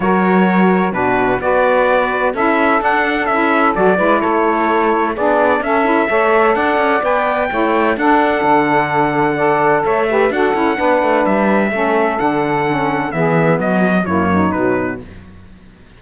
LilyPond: <<
  \new Staff \with { instrumentName = "trumpet" } { \time 4/4 \tempo 4 = 128 cis''2 b'4 d''4~ | d''4 e''4 fis''4 e''4 | d''4 cis''2 d''4 | e''2 fis''4 g''4~ |
g''4 fis''2.~ | fis''4 e''4 fis''2 | e''2 fis''2 | e''4 dis''4 cis''4 b'4 | }
  \new Staff \with { instrumentName = "saxophone" } { \time 4/4 ais'2 fis'4 b'4~ | b'4 a'2.~ | a'8 b'8 a'2 gis'4 | a'4 cis''4 d''2 |
cis''4 a'2. | d''4 cis''8 b'8 a'4 b'4~ | b'4 a'2. | gis'4 fis'4 e'8 dis'4. | }
  \new Staff \with { instrumentName = "saxophone" } { \time 4/4 fis'2 d'4 fis'4~ | fis'4 e'4 d'4 e'4 | fis'8 e'2~ e'8 d'4 | cis'8 e'8 a'2 b'4 |
e'4 d'2. | a'4. g'8 fis'8 e'8 d'4~ | d'4 cis'4 d'4 cis'4 | b2 ais4 fis4 | }
  \new Staff \with { instrumentName = "cello" } { \time 4/4 fis2 b,4 b4~ | b4 cis'4 d'4 cis'4 | fis8 gis8 a2 b4 | cis'4 a4 d'8 cis'8 b4 |
a4 d'4 d2~ | d4 a4 d'8 cis'8 b8 a8 | g4 a4 d2 | e4 fis4 fis,4 b,4 | }
>>